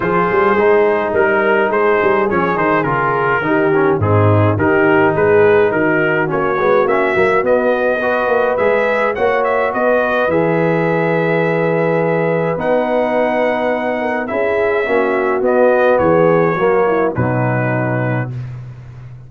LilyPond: <<
  \new Staff \with { instrumentName = "trumpet" } { \time 4/4 \tempo 4 = 105 c''2 ais'4 c''4 | cis''8 c''8 ais'2 gis'4 | ais'4 b'4 ais'4 cis''4 | e''4 dis''2 e''4 |
fis''8 e''8 dis''4 e''2~ | e''2 fis''2~ | fis''4 e''2 dis''4 | cis''2 b'2 | }
  \new Staff \with { instrumentName = "horn" } { \time 4/4 gis'2 ais'4 gis'4~ | gis'2 g'4 dis'4 | g'4 gis'4 fis'2~ | fis'2 b'2 |
cis''4 b'2.~ | b'1~ | b'8 ais'8 gis'4 fis'2 | gis'4 fis'8 e'8 dis'2 | }
  \new Staff \with { instrumentName = "trombone" } { \time 4/4 f'4 dis'2. | cis'8 dis'8 f'4 dis'8 cis'8 c'4 | dis'2. cis'8 b8 | cis'8 ais8 b4 fis'4 gis'4 |
fis'2 gis'2~ | gis'2 dis'2~ | dis'4 e'4 cis'4 b4~ | b4 ais4 fis2 | }
  \new Staff \with { instrumentName = "tuba" } { \time 4/4 f8 g8 gis4 g4 gis8 g8 | f8 dis8 cis4 dis4 gis,4 | dis4 gis4 dis4 ais8 gis8 | ais8 fis8 b4. ais8 gis4 |
ais4 b4 e2~ | e2 b2~ | b4 cis'4 ais4 b4 | e4 fis4 b,2 | }
>>